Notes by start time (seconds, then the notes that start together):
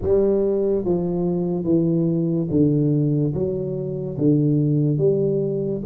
0.01 G3
0.84 F3
1.64 E3
2.50 D3
3.33 F#3
4.17 D3
4.98 G3